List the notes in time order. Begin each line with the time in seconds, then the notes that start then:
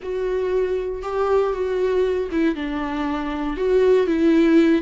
0.02 F#4
1.02 G4
1.53 F#4
2.31 E4
2.55 D4
3.56 F#4
4.07 E4